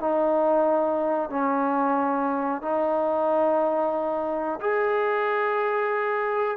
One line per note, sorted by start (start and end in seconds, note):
0.00 1.30 D#4
1.30 2.62 C#4
2.62 4.60 D#4
4.60 6.57 G#4